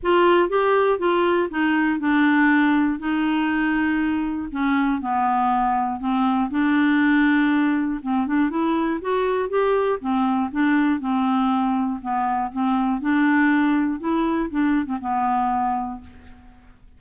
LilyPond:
\new Staff \with { instrumentName = "clarinet" } { \time 4/4 \tempo 4 = 120 f'4 g'4 f'4 dis'4 | d'2 dis'2~ | dis'4 cis'4 b2 | c'4 d'2. |
c'8 d'8 e'4 fis'4 g'4 | c'4 d'4 c'2 | b4 c'4 d'2 | e'4 d'8. c'16 b2 | }